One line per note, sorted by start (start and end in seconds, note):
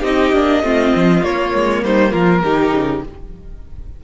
0.00 0.33 C4
0.00 0.33 D#4
0.00 0.60 G4
0.00 1.24 D#5
0.33 0.63 A#3
0.33 0.63 D4
0.63 0.93 A3
0.63 1.23 C4
0.63 1.84 F4
0.95 1.23 F3
1.23 1.53 A#3
1.23 2.44 A#3
1.23 1.84 C#5
1.54 1.83 G#3
1.83 2.13 G3
1.83 2.12 D#4
1.83 2.12 C5
2.12 2.44 F3
2.12 2.42 F4
2.12 3.02 A#4
2.44 2.73 D#3
2.44 3.04 D#4
2.44 3.04 G4
2.73 3.03 C#3